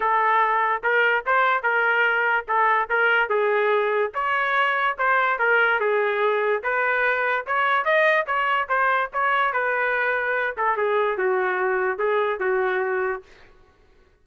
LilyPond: \new Staff \with { instrumentName = "trumpet" } { \time 4/4 \tempo 4 = 145 a'2 ais'4 c''4 | ais'2 a'4 ais'4 | gis'2 cis''2 | c''4 ais'4 gis'2 |
b'2 cis''4 dis''4 | cis''4 c''4 cis''4 b'4~ | b'4. a'8 gis'4 fis'4~ | fis'4 gis'4 fis'2 | }